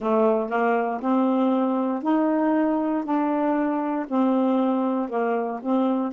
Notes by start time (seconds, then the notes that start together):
0.00 A3
0.49 A#3
1.00 C4
2.02 D#4
3.04 D4
4.07 C4
5.08 A#3
5.62 C4